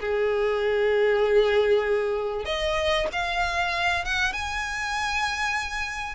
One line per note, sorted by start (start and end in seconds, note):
0.00 2.45 G#4
2.45 3.07 D#5
3.12 4.04 F5
4.04 4.32 F#5
4.32 6.15 G#5